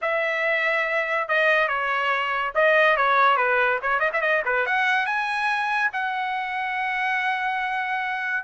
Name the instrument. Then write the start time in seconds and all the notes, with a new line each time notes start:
trumpet
0.01 E5
1.28 D#5
1.68 C#5
2.55 D#5
2.97 C#5
3.36 B4
3.81 C#5
3.99 D#5
4.12 E5
4.21 D#5
4.45 B4
4.66 F#5
5.06 G#5
5.92 F#5